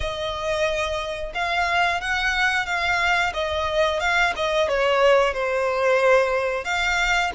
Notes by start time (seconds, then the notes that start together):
0.00 D#5
1.34 F5
2.00 F#5
2.66 F5
3.33 D#5
4.00 F5
4.36 D#5
4.68 C#5
5.33 C5
6.64 F5